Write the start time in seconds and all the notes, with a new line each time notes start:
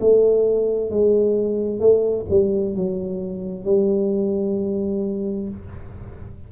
0.00 A3
0.90 G#3
1.80 A3
2.30 G3
2.75 F#3
3.65 G3